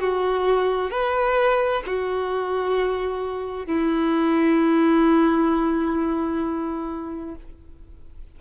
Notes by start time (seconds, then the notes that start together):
0.00 F#4
0.91 B4
1.87 F#4
3.66 E4